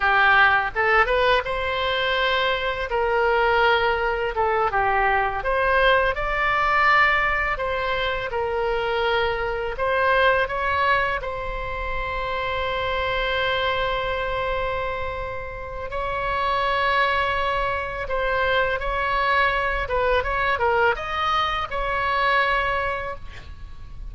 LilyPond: \new Staff \with { instrumentName = "oboe" } { \time 4/4 \tempo 4 = 83 g'4 a'8 b'8 c''2 | ais'2 a'8 g'4 c''8~ | c''8 d''2 c''4 ais'8~ | ais'4. c''4 cis''4 c''8~ |
c''1~ | c''2 cis''2~ | cis''4 c''4 cis''4. b'8 | cis''8 ais'8 dis''4 cis''2 | }